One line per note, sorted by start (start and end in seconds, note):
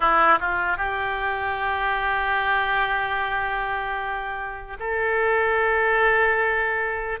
0.00 0.38 E4
0.40 0.77 F4
0.77 4.77 G4
4.79 7.19 A4